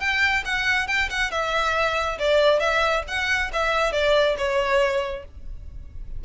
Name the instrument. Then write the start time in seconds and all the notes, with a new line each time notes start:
violin
0.00 G5
0.45 F#5
0.87 G5
1.09 F#5
1.31 E5
2.19 D5
2.59 E5
3.08 F#5
3.53 E5
3.92 D5
4.38 C#5